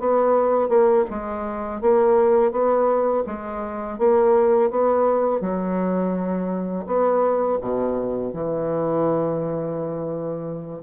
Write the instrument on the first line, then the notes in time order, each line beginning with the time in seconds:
bassoon
0.00 B3
0.69 A#3
1.11 G#3
1.82 A#3
2.52 B3
3.27 G#3
3.99 A#3
4.71 B3
5.41 F#3
6.87 B3
7.62 B2
8.34 E3